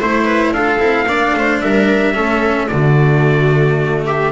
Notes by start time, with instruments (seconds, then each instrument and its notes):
0.00 double bass A3, cello E4, viola C5, trumpet C5
0.25 viola B4
0.52 double bass D4, cello F4, viola A4, trumpet F5
0.79 double bass C4, cello E4
1.05 double bass A#3, cello D4, viola D5
1.35 double bass A3, viola C5
1.61 double bass G3, viola A#4, trumpet E5
2.14 double bass A3, cello C#4, viola A4
2.68 double bass D3, cello A3, viola F#4, trumpet D5
4.06 viola G4, trumpet E5